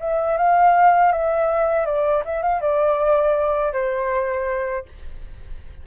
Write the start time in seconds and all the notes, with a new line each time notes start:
0.00 E5
0.38 F5
1.12 E5
1.86 D5
2.25 E5
2.43 F5
2.61 D5
3.73 C5